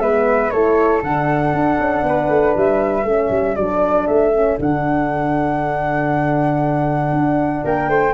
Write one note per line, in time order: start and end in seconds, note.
0.00 0.51 G#3
0.00 0.53 B3
0.00 0.53 B4
0.00 0.51 E5
0.51 1.03 A3
0.51 1.04 E4
0.51 2.06 A4
0.51 1.02 C#5
1.03 1.54 D3
1.03 3.07 D4
1.03 2.56 F#5
1.54 1.79 D4
1.80 2.03 C#4
2.03 2.28 B3
2.03 3.08 B4
2.29 2.55 A3
2.57 3.05 G3
2.57 3.56 E5
3.05 3.30 A3
3.05 3.58 C#4
3.05 7.65 A4
3.31 3.56 G3
3.56 4.08 F#3
3.56 4.34 D4
3.56 4.07 D5
4.07 4.59 A3
4.07 4.58 E5
4.34 4.58 C#4
4.58 7.13 D3
4.58 8.14 D4
4.58 7.66 F#5
7.13 7.64 D4
7.65 7.89 A#3
7.65 7.89 A#4
7.65 8.14 G5
7.89 8.14 A3
7.89 8.14 C5